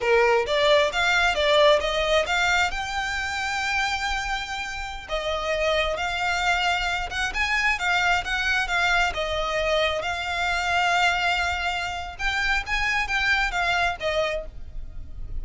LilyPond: \new Staff \with { instrumentName = "violin" } { \time 4/4 \tempo 4 = 133 ais'4 d''4 f''4 d''4 | dis''4 f''4 g''2~ | g''2.~ g''16 dis''8.~ | dis''4~ dis''16 f''2~ f''8 fis''16~ |
fis''16 gis''4 f''4 fis''4 f''8.~ | f''16 dis''2 f''4.~ f''16~ | f''2. g''4 | gis''4 g''4 f''4 dis''4 | }